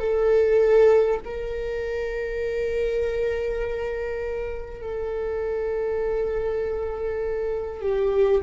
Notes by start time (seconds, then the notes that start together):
0.00 A4
1.24 A#4
4.82 A4
7.82 G4